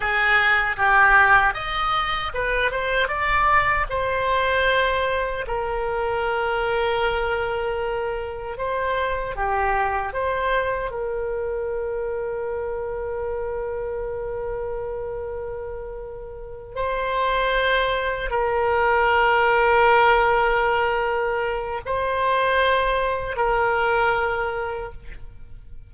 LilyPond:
\new Staff \with { instrumentName = "oboe" } { \time 4/4 \tempo 4 = 77 gis'4 g'4 dis''4 b'8 c''8 | d''4 c''2 ais'4~ | ais'2. c''4 | g'4 c''4 ais'2~ |
ais'1~ | ais'4. c''2 ais'8~ | ais'1 | c''2 ais'2 | }